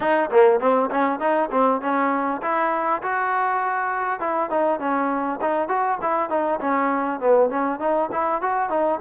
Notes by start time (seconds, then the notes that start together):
0.00 D#4
0.30 A#3
0.60 C4
0.91 C#4
1.19 D#4
1.51 C4
1.81 C#4
2.42 E4
3.02 F#4
4.19 E4
4.50 D#4
4.79 C#4
5.41 D#4
5.68 F#4
6.01 E4
6.29 D#4
6.60 C#4
7.20 B3
7.50 C#4
7.79 D#4
8.12 E4
8.41 F#4
8.69 D#4